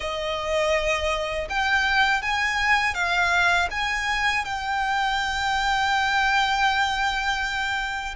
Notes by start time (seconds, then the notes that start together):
0.00 D#5
1.49 G5
2.22 G#5
2.94 F5
3.70 G#5
4.44 G5